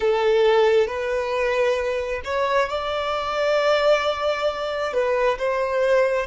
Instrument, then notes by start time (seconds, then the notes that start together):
violin
0.00 A4
0.87 B4
2.24 C#5
2.69 D5
4.93 B4
5.38 C5